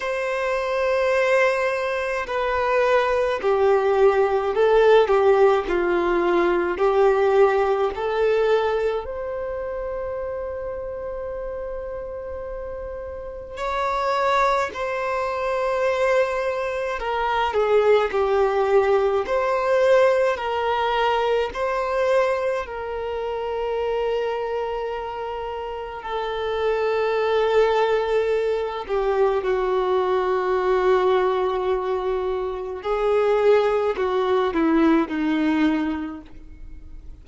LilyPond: \new Staff \with { instrumentName = "violin" } { \time 4/4 \tempo 4 = 53 c''2 b'4 g'4 | a'8 g'8 f'4 g'4 a'4 | c''1 | cis''4 c''2 ais'8 gis'8 |
g'4 c''4 ais'4 c''4 | ais'2. a'4~ | a'4. g'8 fis'2~ | fis'4 gis'4 fis'8 e'8 dis'4 | }